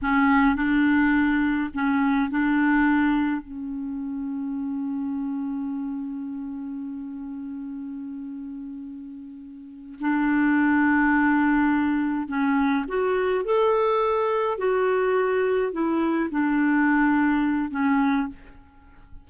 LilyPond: \new Staff \with { instrumentName = "clarinet" } { \time 4/4 \tempo 4 = 105 cis'4 d'2 cis'4 | d'2 cis'2~ | cis'1~ | cis'1~ |
cis'4. d'2~ d'8~ | d'4. cis'4 fis'4 a'8~ | a'4. fis'2 e'8~ | e'8 d'2~ d'8 cis'4 | }